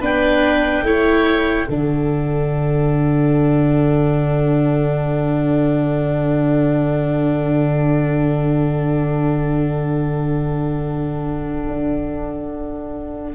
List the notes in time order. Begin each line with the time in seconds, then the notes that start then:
0.00 B3 D4 B4 G5
0.82 A3 E4 C#5
1.67 D3 D4 A4 F#5
11.68 D4